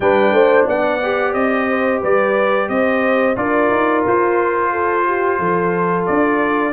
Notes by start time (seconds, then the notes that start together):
0.00 G3 D4 B4 G5
0.32 A3 C5
0.66 B3 D5 F#5
1.02 G4
1.33 C4 D#5
1.68 C5
2.00 G3 B4 D5
2.68 C4 C5 D#5
3.36 D4 F4 A#4 D5
3.70 D#4
4.07 F4 C5
4.71 A4
5.06 G4
5.38 F3 A4
6.06 D4 D5